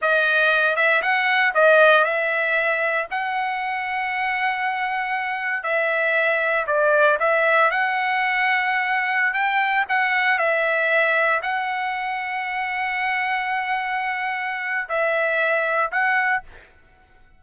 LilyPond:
\new Staff \with { instrumentName = "trumpet" } { \time 4/4 \tempo 4 = 117 dis''4. e''8 fis''4 dis''4 | e''2 fis''2~ | fis''2. e''4~ | e''4 d''4 e''4 fis''4~ |
fis''2~ fis''16 g''4 fis''8.~ | fis''16 e''2 fis''4.~ fis''16~ | fis''1~ | fis''4 e''2 fis''4 | }